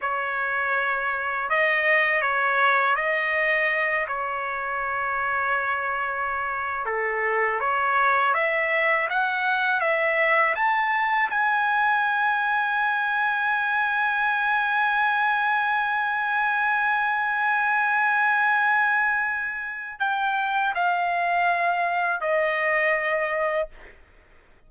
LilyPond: \new Staff \with { instrumentName = "trumpet" } { \time 4/4 \tempo 4 = 81 cis''2 dis''4 cis''4 | dis''4. cis''2~ cis''8~ | cis''4~ cis''16 a'4 cis''4 e''8.~ | e''16 fis''4 e''4 a''4 gis''8.~ |
gis''1~ | gis''1~ | gis''2. g''4 | f''2 dis''2 | }